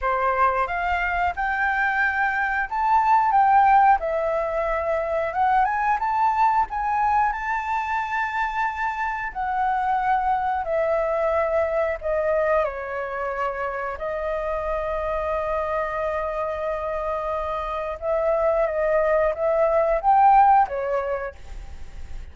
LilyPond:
\new Staff \with { instrumentName = "flute" } { \time 4/4 \tempo 4 = 90 c''4 f''4 g''2 | a''4 g''4 e''2 | fis''8 gis''8 a''4 gis''4 a''4~ | a''2 fis''2 |
e''2 dis''4 cis''4~ | cis''4 dis''2.~ | dis''2. e''4 | dis''4 e''4 g''4 cis''4 | }